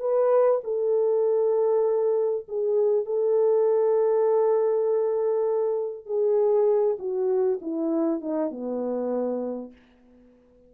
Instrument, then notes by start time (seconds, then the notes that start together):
horn
0.00 B4
0.64 A4
2.48 G#4
3.05 A4
6.06 G#4
6.99 F#4
7.61 E4
8.21 D#4
8.51 B3